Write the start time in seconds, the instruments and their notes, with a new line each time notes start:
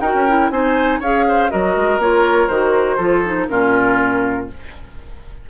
0.00 bassoon D#4, clarinet F#4, oboe A#4, flute G5
0.13 bassoon C#4
0.28 clarinet E4
0.50 bassoon C4, clarinet D#4, oboe C5, flute G#5
1.00 bassoon C#4, clarinet G#4, oboe C#5, flute F5
1.28 oboe C5
1.50 bassoon F#3, clarinet F#4, oboe A#4, flute D#5
1.76 bassoon G#3
1.98 bassoon A#3, clarinet F4, flute C#5
2.47 bassoon D#3, clarinet F#4, flute C5
2.96 bassoon F3, clarinet F4, oboe A4
3.25 clarinet D#4
3.48 bassoon A#2, clarinet C#4, oboe F4, flute A#4